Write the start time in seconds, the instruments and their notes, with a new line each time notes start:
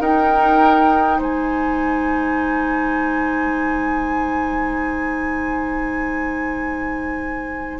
0.00 bassoon D#4, clarinet D#4, oboe A#4, flute G5
1.18 bassoon G#3, oboe C5, flute G#5